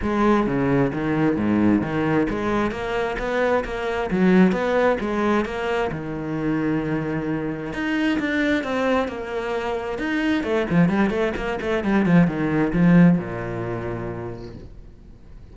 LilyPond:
\new Staff \with { instrumentName = "cello" } { \time 4/4 \tempo 4 = 132 gis4 cis4 dis4 gis,4 | dis4 gis4 ais4 b4 | ais4 fis4 b4 gis4 | ais4 dis2.~ |
dis4 dis'4 d'4 c'4 | ais2 dis'4 a8 f8 | g8 a8 ais8 a8 g8 f8 dis4 | f4 ais,2. | }